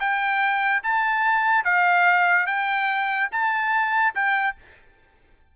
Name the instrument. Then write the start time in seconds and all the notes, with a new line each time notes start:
trumpet
0.00 G5
0.83 A5
1.64 F5
2.46 G5
3.31 A5
4.15 G5